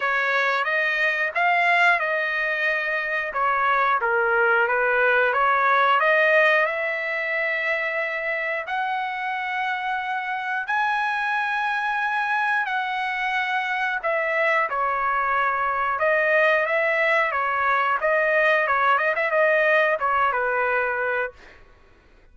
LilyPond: \new Staff \with { instrumentName = "trumpet" } { \time 4/4 \tempo 4 = 90 cis''4 dis''4 f''4 dis''4~ | dis''4 cis''4 ais'4 b'4 | cis''4 dis''4 e''2~ | e''4 fis''2. |
gis''2. fis''4~ | fis''4 e''4 cis''2 | dis''4 e''4 cis''4 dis''4 | cis''8 dis''16 e''16 dis''4 cis''8 b'4. | }